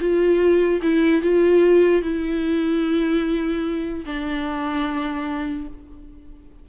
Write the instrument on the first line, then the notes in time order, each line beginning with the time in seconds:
viola
0.00 F4
0.82 E4
1.22 F4
2.02 E4
4.06 D4